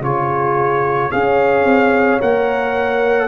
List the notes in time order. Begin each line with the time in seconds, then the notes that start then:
0.00 C#3 F4 G#4 C#5
1.11 C#4 G#4 C#5 F5
1.64 C4
2.20 A#3 A#4 F#5